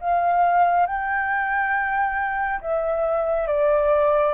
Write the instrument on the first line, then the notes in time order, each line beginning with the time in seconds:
flute
0.00 F5
0.86 G5
2.61 E5
3.47 D5